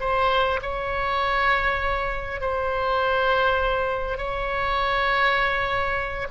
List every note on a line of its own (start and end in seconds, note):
0.00 0.60 C5
0.62 2.41 C#5
2.41 4.18 C5
4.18 6.28 C#5